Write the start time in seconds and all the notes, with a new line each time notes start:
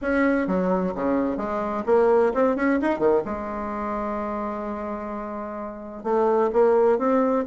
0.01 C#4
0.47 F#3
0.94 C#3
1.37 G#3
1.86 A#3
2.34 C4
2.56 C#4
2.81 D#4
2.99 D#3
3.25 G#3
6.03 A3
6.52 A#3
6.98 C4